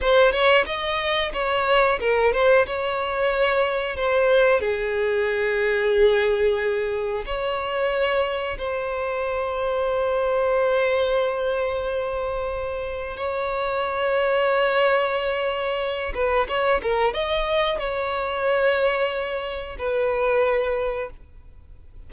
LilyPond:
\new Staff \with { instrumentName = "violin" } { \time 4/4 \tempo 4 = 91 c''8 cis''8 dis''4 cis''4 ais'8 c''8 | cis''2 c''4 gis'4~ | gis'2. cis''4~ | cis''4 c''2.~ |
c''1 | cis''1~ | cis''8 b'8 cis''8 ais'8 dis''4 cis''4~ | cis''2 b'2 | }